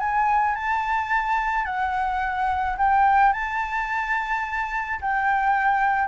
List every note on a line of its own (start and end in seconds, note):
0.00 0.56 G#5
0.56 1.66 A5
1.66 2.77 F#5
2.78 3.33 G5
3.33 5.00 A5
5.02 6.08 G5